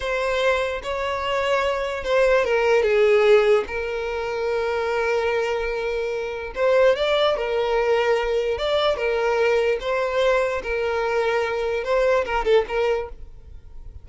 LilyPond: \new Staff \with { instrumentName = "violin" } { \time 4/4 \tempo 4 = 147 c''2 cis''2~ | cis''4 c''4 ais'4 gis'4~ | gis'4 ais'2.~ | ais'1 |
c''4 d''4 ais'2~ | ais'4 d''4 ais'2 | c''2 ais'2~ | ais'4 c''4 ais'8 a'8 ais'4 | }